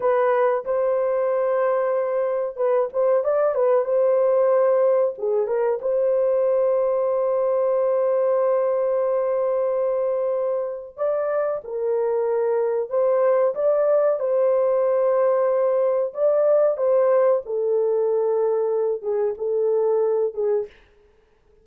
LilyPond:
\new Staff \with { instrumentName = "horn" } { \time 4/4 \tempo 4 = 93 b'4 c''2. | b'8 c''8 d''8 b'8 c''2 | gis'8 ais'8 c''2.~ | c''1~ |
c''4 d''4 ais'2 | c''4 d''4 c''2~ | c''4 d''4 c''4 a'4~ | a'4. gis'8 a'4. gis'8 | }